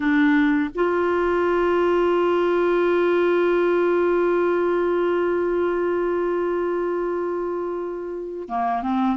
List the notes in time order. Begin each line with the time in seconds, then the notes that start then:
0.00 D4
0.74 F4
8.48 A#3
8.82 C4